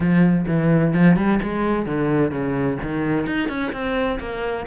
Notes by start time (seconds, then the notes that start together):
0.00 F3
0.47 E3
0.93 F3
1.16 G3
1.42 G#3
1.85 D3
2.31 C#3
2.82 D#3
3.26 D#4
3.48 C#4
3.72 C4
4.19 A#3